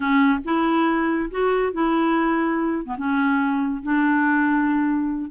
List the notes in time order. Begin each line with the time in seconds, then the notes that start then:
0.00 C#4
0.45 E4
1.30 F#4
1.72 E4
2.85 B3
2.97 C#4
3.83 D4